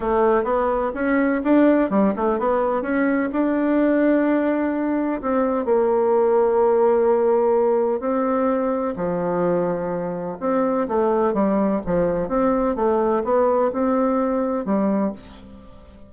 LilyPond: \new Staff \with { instrumentName = "bassoon" } { \time 4/4 \tempo 4 = 127 a4 b4 cis'4 d'4 | g8 a8 b4 cis'4 d'4~ | d'2. c'4 | ais1~ |
ais4 c'2 f4~ | f2 c'4 a4 | g4 f4 c'4 a4 | b4 c'2 g4 | }